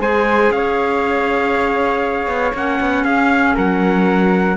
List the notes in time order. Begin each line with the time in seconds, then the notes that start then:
0.00 G#3 G#4 C5 G#5
0.51 C#4 C#5 F5
2.27 B3
2.54 A#3 C#4 F#5
2.81 B3
3.04 C#4 G#4 F5
3.55 F#3 A#4 F#5